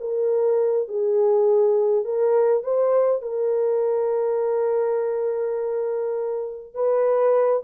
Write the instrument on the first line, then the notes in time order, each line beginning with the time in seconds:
horn
0.00 A#4
0.88 G#4
2.05 A#4
2.63 C5
3.22 A#4
6.74 B4